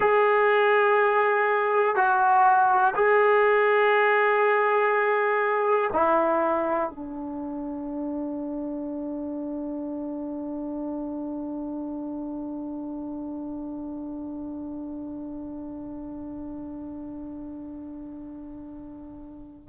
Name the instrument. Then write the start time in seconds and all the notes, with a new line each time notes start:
trombone
0.00 G#4
1.95 F#4
2.95 G#4
5.93 E4
6.89 D4